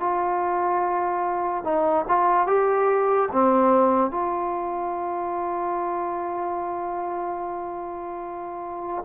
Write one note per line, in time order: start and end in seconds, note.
0.00 1.64 F4
1.64 2.05 D#4
2.08 2.47 F4
2.47 3.30 G4
3.32 4.11 C4
4.11 9.04 F4